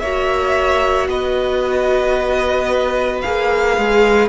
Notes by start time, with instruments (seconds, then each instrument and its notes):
0.00 cello A#3, viola F#4, violin C#5 E5
1.08 cello B3, violin B4 D#5
3.21 cello A#3, viola G#4, violin F5
3.78 cello G#3